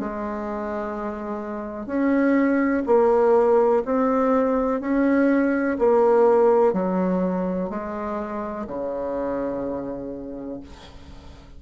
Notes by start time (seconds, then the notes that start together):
0.00 G#3
1.87 C#4
2.86 A#3
3.85 C4
4.81 C#4
5.79 A#3
6.73 F#3
7.70 G#3
8.67 C#3